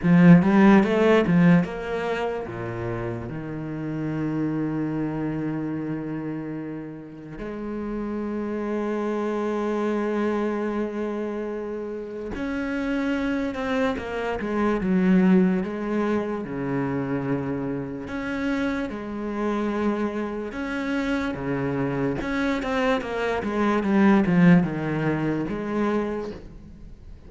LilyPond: \new Staff \with { instrumentName = "cello" } { \time 4/4 \tempo 4 = 73 f8 g8 a8 f8 ais4 ais,4 | dis1~ | dis4 gis2.~ | gis2. cis'4~ |
cis'8 c'8 ais8 gis8 fis4 gis4 | cis2 cis'4 gis4~ | gis4 cis'4 cis4 cis'8 c'8 | ais8 gis8 g8 f8 dis4 gis4 | }